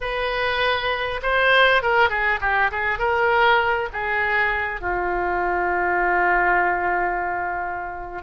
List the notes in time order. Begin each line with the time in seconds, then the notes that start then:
0.00 B4
1.22 C5
1.82 A#4
2.09 G#4
2.40 G4
2.71 G#4
2.98 A#4
3.92 G#4
4.80 F4